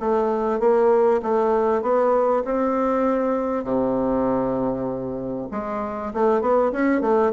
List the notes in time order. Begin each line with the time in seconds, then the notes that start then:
0.00 A3
0.60 A#3
1.22 A3
1.82 B3
2.45 C4
3.64 C3
5.52 G#3
6.14 A3
6.41 B3
6.72 C#4
7.01 A3